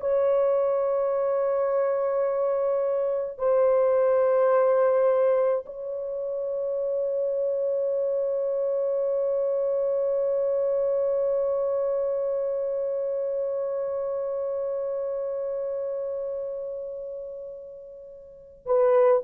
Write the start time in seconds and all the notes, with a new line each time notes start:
0.00 C#5
3.38 C5
5.66 C#5
18.65 B4